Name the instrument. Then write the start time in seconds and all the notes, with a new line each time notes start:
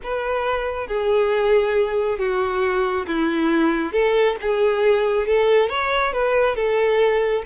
violin
0.03 B4
0.87 G#4
2.18 F#4
3.06 E4
3.92 A4
4.41 G#4
5.27 A4
5.69 C#5
6.13 B4
6.55 A4